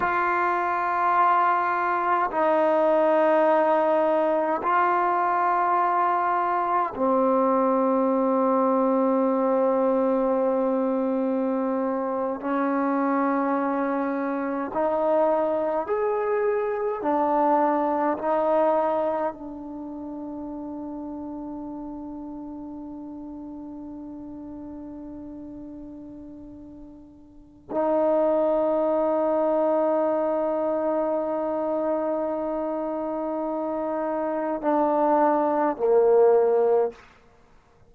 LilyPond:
\new Staff \with { instrumentName = "trombone" } { \time 4/4 \tempo 4 = 52 f'2 dis'2 | f'2 c'2~ | c'2~ c'8. cis'4~ cis'16~ | cis'8. dis'4 gis'4 d'4 dis'16~ |
dis'8. d'2.~ d'16~ | d'1 | dis'1~ | dis'2 d'4 ais4 | }